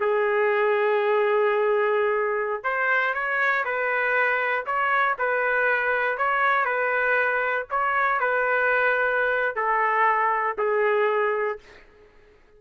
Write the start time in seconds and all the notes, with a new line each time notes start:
0.00 G#4
2.64 C5
3.14 C#5
3.65 B4
4.66 C#5
5.19 B4
6.18 C#5
6.65 B4
7.71 C#5
8.20 B4
9.56 A4
10.58 G#4